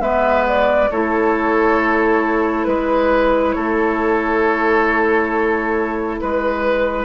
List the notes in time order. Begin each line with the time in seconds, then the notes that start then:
0.00 G#3 B3 B4 E5
0.48 D5
0.91 A3 E4 A4 C#5
2.64 G#3 B4
3.52 A3 A4 C#5
6.20 G#3 B4